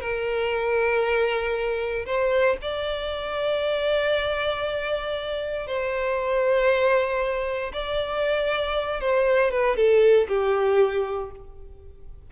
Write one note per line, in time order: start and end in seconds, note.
0.00 2.05 A#4
2.05 2.57 C5
2.61 5.67 D5
5.67 7.72 C5
7.73 9.00 D5
9.00 9.51 C5
9.51 9.76 B4
9.76 10.27 A4
10.28 11.30 G4